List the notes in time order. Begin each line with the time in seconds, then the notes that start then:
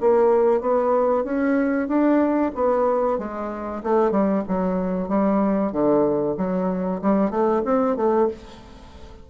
0.00 A#3
0.60 B3
1.24 C#4
1.87 D4
2.54 B3
3.18 G#3
3.83 A3
4.11 G3
4.48 F#3
5.08 G3
5.72 D3
6.37 F#3
7.01 G3
7.30 A3
7.65 C4
7.96 A3